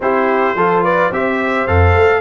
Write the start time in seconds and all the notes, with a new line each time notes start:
0.00 C4 E4 G4 C5
0.54 F3 F4 A4
0.82 B4 D5
1.08 C4 G4 C5 E5
1.67 F2 A4 F5
1.94 A3